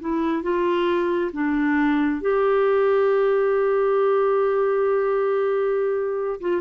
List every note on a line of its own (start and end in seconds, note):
0.00 0.43 E4
0.43 1.31 F4
1.33 2.21 D4
2.21 6.40 G4
6.41 6.61 F4